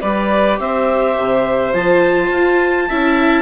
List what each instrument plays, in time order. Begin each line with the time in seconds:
0.00 bassoon G3, viola G4, violin B4, clarinet D5
0.59 bassoon C4, violin C5, clarinet E5
1.17 bassoon C3
1.73 bassoon F3, viola F4, clarinet A5
2.31 bassoon F4
2.88 bassoon C#4, viola E4, violin E5